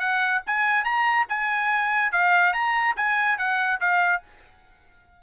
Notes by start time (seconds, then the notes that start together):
0.00 F#5
0.47 G#5
0.85 A#5
1.29 G#5
2.13 F5
2.53 A#5
2.97 G#5
3.38 F#5
3.81 F5